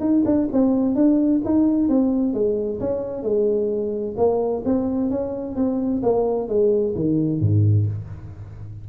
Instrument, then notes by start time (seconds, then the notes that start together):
tuba
0.00 D#4
0.25 D4
0.52 C4
0.95 D4
1.45 D#4
1.89 C4
2.33 G#3
2.80 C#4
3.23 G#3
4.17 A#3
4.65 C4
5.10 C#4
5.56 C4
6.03 A#3
6.48 G#3
6.95 D#3
7.40 G#2